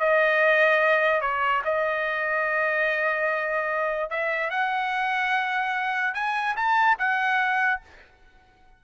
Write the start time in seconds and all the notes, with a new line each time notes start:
0.00 D#5
1.21 C#5
1.65 D#5
4.10 E5
4.50 F#5
6.14 G#5
6.56 A5
6.99 F#5